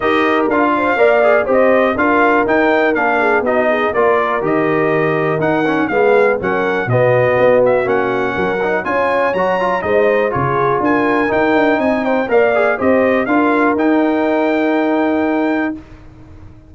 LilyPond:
<<
  \new Staff \with { instrumentName = "trumpet" } { \time 4/4 \tempo 4 = 122 dis''4 f''2 dis''4 | f''4 g''4 f''4 dis''4 | d''4 dis''2 fis''4 | f''4 fis''4 dis''4. e''8 |
fis''2 gis''4 ais''4 | dis''4 cis''4 gis''4 g''4 | gis''8 g''8 f''4 dis''4 f''4 | g''1 | }
  \new Staff \with { instrumentName = "horn" } { \time 4/4 ais'4. c''8 d''4 c''4 | ais'2~ ais'8 gis'8 fis'8 gis'8 | ais'1 | gis'4 ais'4 fis'2~ |
fis'4 ais'4 cis''2 | c''4 gis'4 ais'2 | dis''8 c''8 d''4 c''4 ais'4~ | ais'1 | }
  \new Staff \with { instrumentName = "trombone" } { \time 4/4 g'4 f'4 ais'8 gis'8 g'4 | f'4 dis'4 d'4 dis'4 | f'4 g'2 dis'8 cis'8 | b4 cis'4 b2 |
cis'4. dis'8 f'4 fis'8 f'8 | dis'4 f'2 dis'4~ | dis'4 ais'8 gis'8 g'4 f'4 | dis'1 | }
  \new Staff \with { instrumentName = "tuba" } { \time 4/4 dis'4 d'4 ais4 c'4 | d'4 dis'4 ais4 b4 | ais4 dis2 dis'4 | gis4 fis4 b,4 b4 |
ais4 fis4 cis'4 fis4 | gis4 cis4 d'4 dis'8 d'8 | c'4 ais4 c'4 d'4 | dis'1 | }
>>